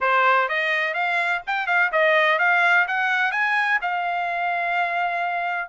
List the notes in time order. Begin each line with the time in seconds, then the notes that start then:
0.01 C5
0.48 D#5
0.94 F5
1.46 G5
1.66 F5
1.92 D#5
2.39 F5
2.87 F#5
3.31 G#5
3.81 F5